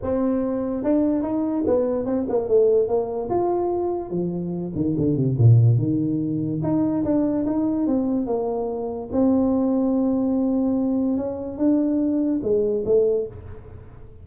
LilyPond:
\new Staff \with { instrumentName = "tuba" } { \time 4/4 \tempo 4 = 145 c'2 d'4 dis'4 | b4 c'8 ais8 a4 ais4 | f'2 f4. dis8 | d8 c8 ais,4 dis2 |
dis'4 d'4 dis'4 c'4 | ais2 c'2~ | c'2. cis'4 | d'2 gis4 a4 | }